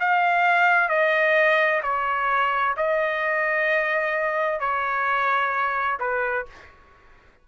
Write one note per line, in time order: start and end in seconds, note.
0.00 0.89 F5
0.89 1.81 D#5
1.83 2.75 C#5
2.77 4.60 D#5
4.60 5.98 C#5
5.99 6.45 B4